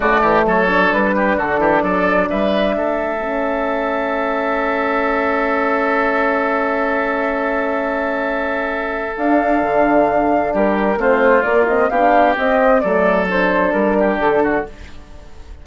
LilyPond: <<
  \new Staff \with { instrumentName = "flute" } { \time 4/4 \tempo 4 = 131 d''4 cis''4 b'4 a'4 | d''4 e''2.~ | e''1~ | e''1~ |
e''1 | f''2. ais'4 | c''4 d''8 dis''8 f''4 dis''4 | d''4 c''4 ais'4 a'4 | }
  \new Staff \with { instrumentName = "oboe" } { \time 4/4 fis'8 g'8 a'4. g'8 fis'8 g'8 | a'4 b'4 a'2~ | a'1~ | a'1~ |
a'1~ | a'2. g'4 | f'2 g'2 | a'2~ a'8 g'4 fis'8 | }
  \new Staff \with { instrumentName = "horn" } { \time 4/4 a4. d'2~ d'8~ | d'2. cis'4~ | cis'1~ | cis'1~ |
cis'1 | d'1 | c'4 ais8 c'8 d'4 c'4 | a4 d'2. | }
  \new Staff \with { instrumentName = "bassoon" } { \time 4/4 d8 e8 fis4 g4 d8 e8 | fis4 g4 a2~ | a1~ | a1~ |
a1 | d'4 d2 g4 | a4 ais4 b4 c'4 | fis2 g4 d4 | }
>>